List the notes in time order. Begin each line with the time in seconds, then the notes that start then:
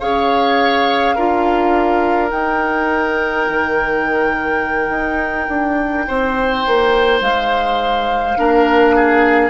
0.00 C#4 G#4 C#5 F5
1.16 D4 F4 A#4
2.29 D#4 G5
3.49 D#3
4.89 D#4
5.49 D4
6.08 C4 C5
6.67 A#3
7.21 G#3 F5
8.38 A#3 D4 A#4
8.96 G#4